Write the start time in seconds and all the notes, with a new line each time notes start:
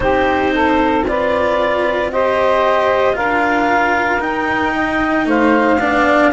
0.00 C4 D#4 G4 C5
0.54 A4
1.07 F4 B4 D5
2.11 G4 C5 D#5
3.13 D4 F4 A#4 F5
4.19 D#4 G5
4.74 D#5
5.25 A3 C5 F5
5.77 B3 D4 D5